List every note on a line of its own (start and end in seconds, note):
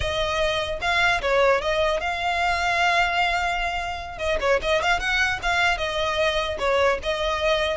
0.00 0.79 D#5
0.81 1.21 F5
1.21 1.61 C#5
1.61 2.00 D#5
2.00 4.18 F5
4.18 4.38 D#5
4.40 4.60 C#5
4.61 4.81 D#5
4.81 4.99 F5
4.99 5.39 F#5
5.42 5.77 F5
5.77 6.57 D#5
6.59 6.99 C#5
7.02 7.77 D#5